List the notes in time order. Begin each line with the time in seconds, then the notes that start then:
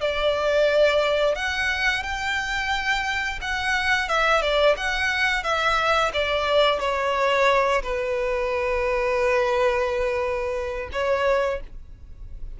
0.00 D5
1.35 F#5
2.02 G5
3.41 F#5
4.08 E5
4.41 D5
4.77 F#5
5.43 E5
6.13 D5
6.79 C#5
7.82 B4
10.92 C#5